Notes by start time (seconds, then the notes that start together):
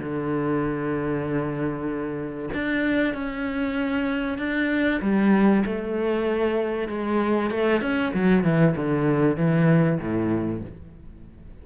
0.00 D3
2.54 D4
3.14 C#4
4.39 D4
5.02 G3
5.66 A3
6.89 G#3
7.51 A3
7.82 C#4
8.14 F#3
8.44 E3
8.77 D3
9.37 E3
10.00 A2